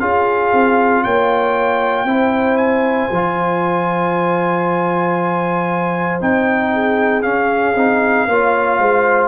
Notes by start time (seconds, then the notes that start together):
0.00 C#4 F4 G#4 F5
0.53 C4
1.04 A#3 C#5 G5
2.05 C4 E4 C5
2.57 G#5
3.11 F3 F4
6.21 C4 D#4 G5
6.73 G#4
7.22 C#4 F5
7.75 C4 D#4
8.28 A#3 F4 C#5
8.79 G#3 C5